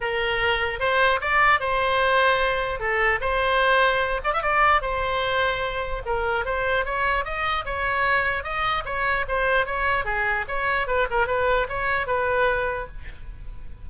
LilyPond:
\new Staff \with { instrumentName = "oboe" } { \time 4/4 \tempo 4 = 149 ais'2 c''4 d''4 | c''2. a'4 | c''2~ c''8 d''16 e''16 d''4 | c''2. ais'4 |
c''4 cis''4 dis''4 cis''4~ | cis''4 dis''4 cis''4 c''4 | cis''4 gis'4 cis''4 b'8 ais'8 | b'4 cis''4 b'2 | }